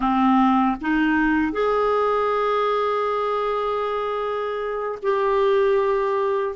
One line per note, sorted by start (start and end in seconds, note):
0.00 0.76 C4
0.81 1.52 D#4
1.52 4.98 G#4
5.02 6.55 G4